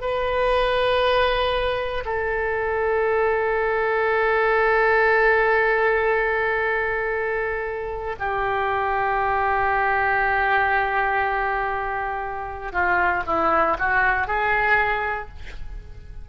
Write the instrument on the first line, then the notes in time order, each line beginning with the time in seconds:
oboe
0.00 B4
2.05 A4
8.19 G4
12.72 F4
13.26 E4
13.78 F#4
14.27 G#4